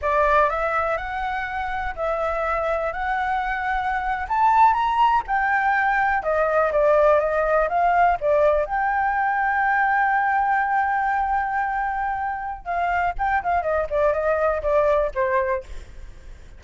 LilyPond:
\new Staff \with { instrumentName = "flute" } { \time 4/4 \tempo 4 = 123 d''4 e''4 fis''2 | e''2 fis''2~ | fis''8. a''4 ais''4 g''4~ g''16~ | g''8. dis''4 d''4 dis''4 f''16~ |
f''8. d''4 g''2~ g''16~ | g''1~ | g''2 f''4 g''8 f''8 | dis''8 d''8 dis''4 d''4 c''4 | }